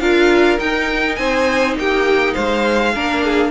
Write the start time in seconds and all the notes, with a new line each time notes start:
0.00 D4 F4 A#4 F5
0.58 D#4 G5
1.16 C4 C5 G#5
1.77 A#3 G4 G5
2.34 G#3 C5 F5
2.95 A#3 D4 A#4
3.25 G#4